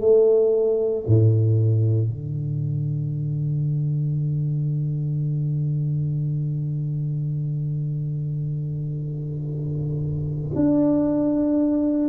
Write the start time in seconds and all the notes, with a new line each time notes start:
0.00 A3
1.07 A2
2.09 D3
10.55 D4